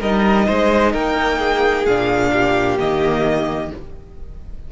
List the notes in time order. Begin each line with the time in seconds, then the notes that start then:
0.00 G3 D#4 A#4 D#5
0.46 G#3 C5
0.92 A#3 A#4 G5
1.38 G#4
1.85 A#2 D4 F5
2.32 G4
2.78 D#3 A#3 D#5